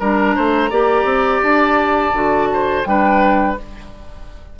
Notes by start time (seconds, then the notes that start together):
0.00 G3 D4 A#4 A#5
0.36 A3 C5
0.71 A#3 G4 D5
1.05 C4
1.43 D4 A5
2.13 D3 F#4
2.53 C5
2.85 G3 D4 B4 G5